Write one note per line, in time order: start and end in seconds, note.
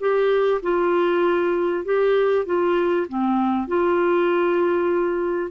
0.00 0.61 G4
0.63 1.85 F4
1.85 2.46 G4
2.46 3.07 F4
3.08 3.68 C4
3.68 5.51 F4